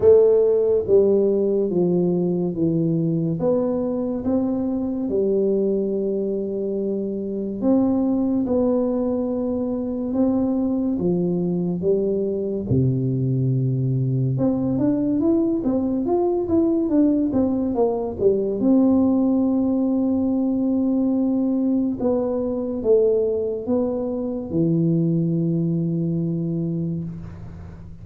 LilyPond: \new Staff \with { instrumentName = "tuba" } { \time 4/4 \tempo 4 = 71 a4 g4 f4 e4 | b4 c'4 g2~ | g4 c'4 b2 | c'4 f4 g4 c4~ |
c4 c'8 d'8 e'8 c'8 f'8 e'8 | d'8 c'8 ais8 g8 c'2~ | c'2 b4 a4 | b4 e2. | }